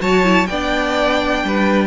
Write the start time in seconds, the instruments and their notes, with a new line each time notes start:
0.00 cello F#3, viola F#4, violin C#5 A5
0.24 viola E4
0.47 cello B3, viola D4, violin D5 G5
1.44 cello G3, violin B4